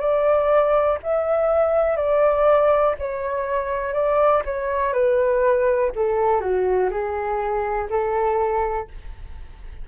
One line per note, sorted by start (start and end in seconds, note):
0.00 0.98 D5
1.03 1.97 E5
1.97 2.96 D5
2.99 3.94 C#5
3.94 4.43 D5
4.46 4.94 C#5
4.94 5.92 B4
5.96 6.41 A4
6.41 6.90 F#4
6.91 7.89 G#4
7.90 8.88 A4